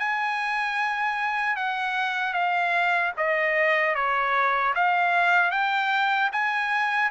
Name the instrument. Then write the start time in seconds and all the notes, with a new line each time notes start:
trumpet
0.00 G#5
1.57 F#5
2.34 F5
3.18 D#5
3.95 C#5
4.75 F5
5.52 G5
6.33 G#5